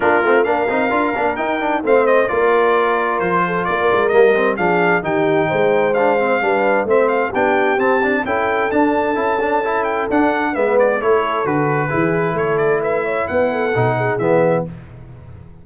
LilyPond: <<
  \new Staff \with { instrumentName = "trumpet" } { \time 4/4 \tempo 4 = 131 ais'4 f''2 g''4 | f''8 dis''8 d''2 c''4 | d''4 dis''4 f''4 g''4~ | g''4 f''2 e''8 f''8 |
g''4 a''4 g''4 a''4~ | a''4. g''8 fis''4 e''8 d''8 | cis''4 b'2 cis''8 d''8 | e''4 fis''2 e''4 | }
  \new Staff \with { instrumentName = "horn" } { \time 4/4 f'4 ais'2. | c''4 ais'2~ ais'8 a'8 | ais'2 gis'4 g'4 | c''2 b'4 c''4 |
g'2 a'2~ | a'2. b'4 | a'2 gis'4 a'4 | b'8 cis''8 b'8 a'4 gis'4. | }
  \new Staff \with { instrumentName = "trombone" } { \time 4/4 d'8 c'8 d'8 dis'8 f'8 d'8 dis'8 d'8 | c'4 f'2.~ | f'4 ais8 c'8 d'4 dis'4~ | dis'4 d'8 c'8 d'4 c'4 |
d'4 c'8 d'8 e'4 d'4 | e'8 d'8 e'4 d'4 b4 | e'4 fis'4 e'2~ | e'2 dis'4 b4 | }
  \new Staff \with { instrumentName = "tuba" } { \time 4/4 ais8 a8 ais8 c'8 d'8 ais8 dis'4 | a4 ais2 f4 | ais8 gis8 g4 f4 dis4 | gis2 g4 a4 |
b4 c'4 cis'4 d'4 | cis'2 d'4 gis4 | a4 d4 e4 a4~ | a4 b4 b,4 e4 | }
>>